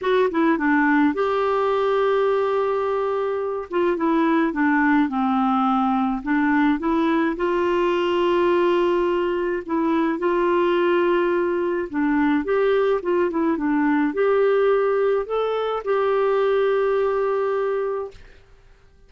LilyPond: \new Staff \with { instrumentName = "clarinet" } { \time 4/4 \tempo 4 = 106 fis'8 e'8 d'4 g'2~ | g'2~ g'8 f'8 e'4 | d'4 c'2 d'4 | e'4 f'2.~ |
f'4 e'4 f'2~ | f'4 d'4 g'4 f'8 e'8 | d'4 g'2 a'4 | g'1 | }